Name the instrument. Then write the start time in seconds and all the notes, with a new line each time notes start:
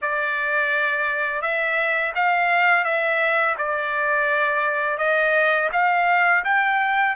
trumpet
0.01 D5
1.41 E5
2.15 F5
2.84 E5
3.58 D5
4.98 D#5
5.72 F5
6.44 G5